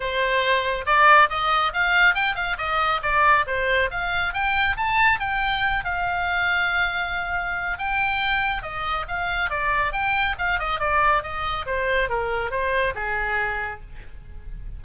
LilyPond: \new Staff \with { instrumentName = "oboe" } { \time 4/4 \tempo 4 = 139 c''2 d''4 dis''4 | f''4 g''8 f''8 dis''4 d''4 | c''4 f''4 g''4 a''4 | g''4. f''2~ f''8~ |
f''2 g''2 | dis''4 f''4 d''4 g''4 | f''8 dis''8 d''4 dis''4 c''4 | ais'4 c''4 gis'2 | }